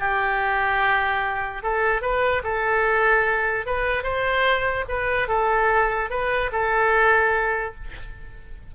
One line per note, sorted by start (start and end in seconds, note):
0.00 1.63 G4
1.63 2.02 A4
2.02 2.43 B4
2.44 3.66 A4
3.67 4.04 B4
4.04 4.85 C5
4.89 5.29 B4
5.29 6.10 A4
6.10 6.51 B4
6.53 7.75 A4